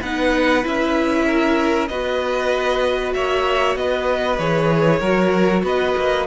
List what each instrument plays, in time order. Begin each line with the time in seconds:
0.00 cello B3, viola D#4, violin B4 F#5
0.63 cello C#4, viola E4, violin E5
1.26 violin A#4
1.88 cello B3, viola F#4, violin B4 D#5
3.13 cello A#3, violin C#5 E5
3.75 cello B3, violin B4 D#5
4.38 cello E3, viola G#4, violin C#5
4.99 cello F#3, viola F#4, violin A#4
5.63 cello B3, violin B4 D#5
5.97 cello A#3